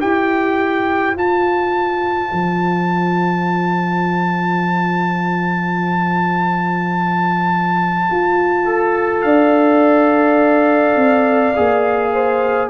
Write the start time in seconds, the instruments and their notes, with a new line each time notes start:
0.00 tuba E4, trombone G4, horn C5, trumpet G5
1.15 tuba F4, trombone F4, trumpet A5
2.32 tuba F3
8.11 tuba F4
8.65 trombone A4
9.21 tuba D4, horn D5, trumpet F5
10.95 tuba C4
11.56 tuba A#3, trombone G#4
12.13 horn C5